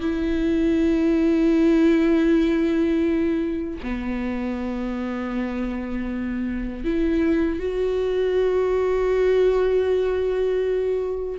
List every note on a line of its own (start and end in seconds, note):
0.00 3.80 E4
3.83 6.84 B3
6.84 7.59 E4
7.59 11.39 F#4